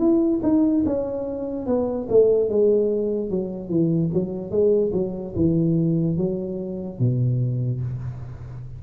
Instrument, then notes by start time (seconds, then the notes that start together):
tuba
0.00 E4
0.43 D#4
0.86 C#4
1.67 B3
2.10 A3
2.50 G#3
3.31 F#3
3.70 E3
4.14 F#3
4.51 G#3
4.94 F#3
5.36 E3
6.18 F#3
7.00 B2